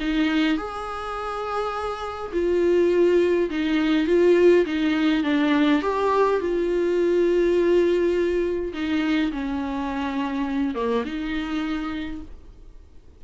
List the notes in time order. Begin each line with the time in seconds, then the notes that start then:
0.00 D#4
0.57 G#4
2.33 F4
3.50 D#4
4.07 F4
4.66 D#4
5.23 D4
5.82 G4
6.40 F4
8.73 D#4
9.32 C#4
10.75 A#3
11.05 D#4